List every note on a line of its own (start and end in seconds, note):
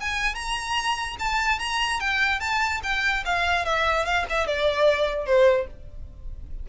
0.00 0.34 G#5
0.34 1.16 A#5
1.19 1.59 A5
1.59 2.00 A#5
2.00 2.40 G5
2.40 2.81 A5
2.83 3.24 G5
3.25 3.65 F5
3.65 4.05 E5
4.05 4.25 F5
4.29 4.46 E5
4.46 5.26 D5
5.26 5.67 C5